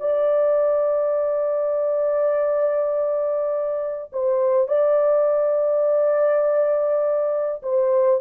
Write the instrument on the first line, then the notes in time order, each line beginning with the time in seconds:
horn
0.00 D5
4.13 C5
4.68 D5
7.63 C5